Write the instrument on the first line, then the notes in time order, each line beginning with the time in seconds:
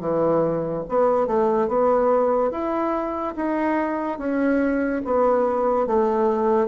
bassoon
0.00 E3
0.89 B3
1.27 A3
1.68 B3
2.51 E4
3.36 D#4
4.18 C#4
5.05 B3
5.87 A3